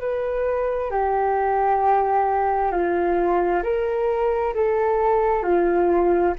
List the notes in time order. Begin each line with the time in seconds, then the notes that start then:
0.00 B4
0.91 G4
2.72 F4
3.63 A#4
4.55 A4
5.43 F4